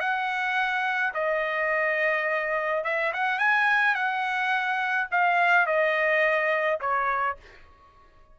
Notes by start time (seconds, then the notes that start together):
0.00 F#5
1.14 D#5
2.84 E5
3.13 F#5
3.39 G#5
3.95 F#5
5.11 F5
5.67 D#5
6.81 C#5